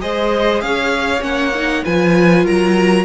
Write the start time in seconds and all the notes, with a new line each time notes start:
0.00 G#3 G#4 C5 D#5
0.61 C#4 C#5 F5
1.20 A#3 C#4 F#5
1.55 D#4
1.84 F3 F4 B4 G#5
2.45 F#3 A#4 A#5